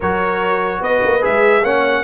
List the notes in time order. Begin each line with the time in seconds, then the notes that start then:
0.00 F#3 F#4 A#4 C#5
0.81 B3 B4 D#5
1.03 A#3
1.21 G#3 G#4 E5
1.63 A#3 C#4 C#5 F#5